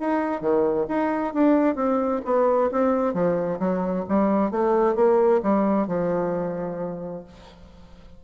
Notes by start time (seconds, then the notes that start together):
0.00 D#4
0.41 D#3
0.88 D#4
1.34 D4
1.76 C4
2.25 B3
2.71 C4
3.14 F3
3.60 F#3
4.08 G3
4.51 A3
4.95 A#3
5.43 G3
5.88 F3